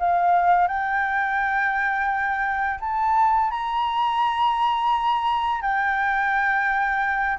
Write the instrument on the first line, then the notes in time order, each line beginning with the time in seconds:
flute
0.00 F5
0.68 G5
2.81 A5
3.51 A#5
5.62 G5